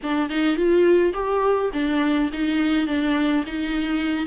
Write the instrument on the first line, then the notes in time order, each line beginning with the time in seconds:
viola
0.02 D4
0.29 D#4
0.56 F4
1.13 G4
1.73 D4
2.32 D#4
2.87 D4
3.46 D#4